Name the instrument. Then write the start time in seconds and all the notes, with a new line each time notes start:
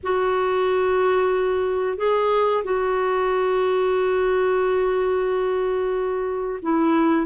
clarinet
0.03 F#4
1.97 G#4
2.63 F#4
6.62 E4